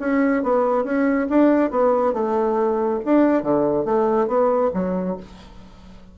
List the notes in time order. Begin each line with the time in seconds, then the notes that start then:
0.00 C#4
0.43 B3
0.84 C#4
1.29 D4
1.71 B3
2.13 A3
3.05 D4
3.43 D3
3.85 A3
4.28 B3
4.74 F#3